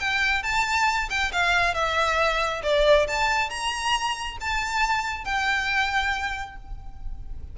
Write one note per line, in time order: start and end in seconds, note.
0.00 0.43 G5
0.43 1.09 A5
1.10 1.32 G5
1.33 1.74 F5
1.74 2.62 E5
2.63 3.07 D5
3.08 3.50 A5
3.50 4.38 A#5
4.41 5.25 A5
5.25 6.56 G5